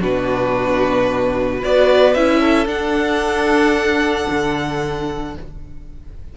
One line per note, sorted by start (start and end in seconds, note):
0.00 1.63 B2
0.00 1.61 D4
0.00 1.59 F#4
0.00 1.64 B4
1.59 2.16 B3
1.59 2.15 F#4
1.59 2.40 B4
1.59 2.14 D5
2.14 2.66 C#4
2.14 2.66 E4
2.14 2.67 E5
2.40 5.34 A4
2.66 5.34 D4
2.66 4.27 D4
2.66 5.36 F#5
4.30 5.37 D3